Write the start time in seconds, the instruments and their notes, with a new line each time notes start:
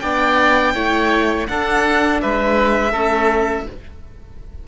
0.00 cello B3, viola D4, oboe D5, violin G5
0.74 cello A3, viola E4, oboe C#5
1.47 viola D4, cello D4, oboe A4, violin F#5
2.21 cello G#3, oboe B4, violin E5
2.92 cello A3, viola C#4, oboe A4